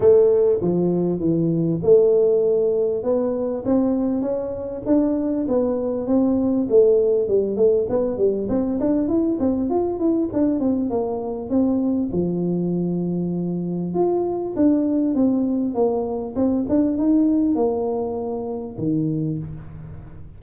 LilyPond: \new Staff \with { instrumentName = "tuba" } { \time 4/4 \tempo 4 = 99 a4 f4 e4 a4~ | a4 b4 c'4 cis'4 | d'4 b4 c'4 a4 | g8 a8 b8 g8 c'8 d'8 e'8 c'8 |
f'8 e'8 d'8 c'8 ais4 c'4 | f2. f'4 | d'4 c'4 ais4 c'8 d'8 | dis'4 ais2 dis4 | }